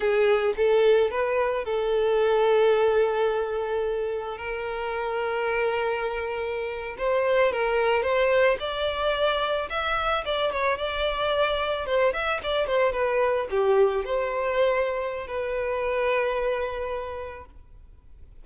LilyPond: \new Staff \with { instrumentName = "violin" } { \time 4/4 \tempo 4 = 110 gis'4 a'4 b'4 a'4~ | a'1 | ais'1~ | ais'8. c''4 ais'4 c''4 d''16~ |
d''4.~ d''16 e''4 d''8 cis''8 d''16~ | d''4.~ d''16 c''8 e''8 d''8 c''8 b'16~ | b'8. g'4 c''2~ c''16 | b'1 | }